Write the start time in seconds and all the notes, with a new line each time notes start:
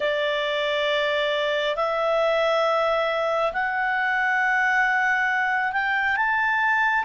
0.00 D5
1.76 E5
3.53 F#5
5.72 G5
6.16 A5